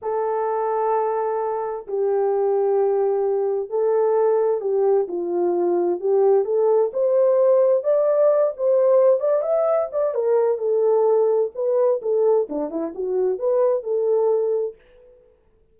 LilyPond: \new Staff \with { instrumentName = "horn" } { \time 4/4 \tempo 4 = 130 a'1 | g'1 | a'2 g'4 f'4~ | f'4 g'4 a'4 c''4~ |
c''4 d''4. c''4. | d''8 e''4 d''8 ais'4 a'4~ | a'4 b'4 a'4 d'8 e'8 | fis'4 b'4 a'2 | }